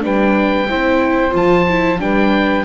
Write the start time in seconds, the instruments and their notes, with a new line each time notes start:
0.00 double bass G3, viola D4, saxophone B4, oboe G5
0.68 double bass C4, viola E4, saxophone C5
1.31 double bass F3, viola F4, oboe A5
1.69 viola E4
1.98 double bass G3, viola D4, saxophone B4, oboe G5